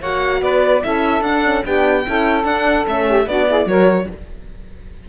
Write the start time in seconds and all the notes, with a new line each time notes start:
0.00 A#3 F#4 C#5 F#5
0.42 B3 B4 D5
0.82 C#4 E4 A4 E5
1.22 D4 F#5
1.44 C#4
1.65 B3 D4 G4 G5
2.07 C#4 E4 A4
2.44 D4 F#5
2.86 A3 C#4 E5
3.07 G4
3.27 B3 D4 F#4 D5
3.48 E4 G#4
3.66 F#3 F#4 A#4 C#5